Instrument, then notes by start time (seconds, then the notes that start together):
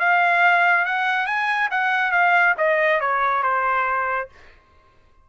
trumpet
0.00 F5
0.86 F#5
1.27 G#5
1.71 F#5
2.12 F5
2.58 D#5
3.01 C#5
3.43 C5